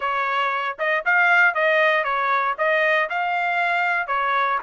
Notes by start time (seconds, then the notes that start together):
0.00 C#5
0.78 D#5
1.05 F5
1.54 D#5
2.04 C#5
2.58 D#5
3.09 F5
4.07 C#5